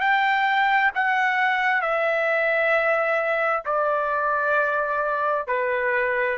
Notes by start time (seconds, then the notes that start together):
0.00 G5
0.94 F#5
1.81 E5
3.65 D5
5.47 B4